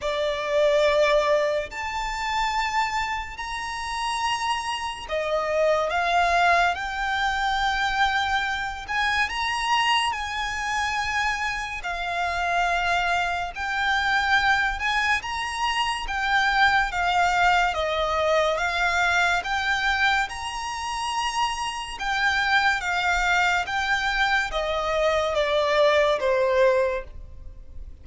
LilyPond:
\new Staff \with { instrumentName = "violin" } { \time 4/4 \tempo 4 = 71 d''2 a''2 | ais''2 dis''4 f''4 | g''2~ g''8 gis''8 ais''4 | gis''2 f''2 |
g''4. gis''8 ais''4 g''4 | f''4 dis''4 f''4 g''4 | ais''2 g''4 f''4 | g''4 dis''4 d''4 c''4 | }